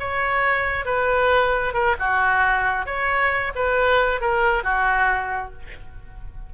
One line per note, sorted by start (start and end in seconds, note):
0.00 0.86 C#5
0.86 1.74 B4
1.74 1.96 A#4
2.00 2.86 F#4
2.86 3.53 C#5
3.55 4.21 B4
4.21 4.64 A#4
4.64 5.53 F#4